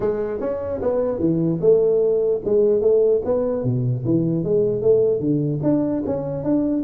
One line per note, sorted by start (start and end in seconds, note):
0.00 0.40 G#3
0.40 0.80 C#4
0.81 1.19 B3
1.19 1.59 E3
1.60 2.41 A3
2.44 2.81 G#3
2.81 3.21 A3
3.24 3.63 B3
3.63 4.04 B2
4.05 4.43 E3
4.43 4.81 G#3
4.81 5.19 A3
5.19 5.60 D3
5.63 6.03 D4
6.05 6.43 C#4
6.43 6.83 D4